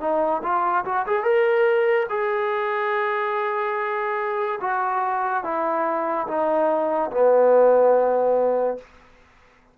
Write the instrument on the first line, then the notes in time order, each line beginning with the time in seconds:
trombone
0.00 D#4
0.42 F4
0.85 F#4
1.06 G#4
1.23 A#4
2.09 G#4
4.61 F#4
5.43 E4
6.27 D#4
7.11 B3